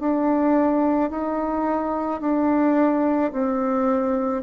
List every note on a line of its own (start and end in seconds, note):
0.00 1.10 D4
1.10 2.21 D#4
2.21 3.32 D4
3.32 4.43 C4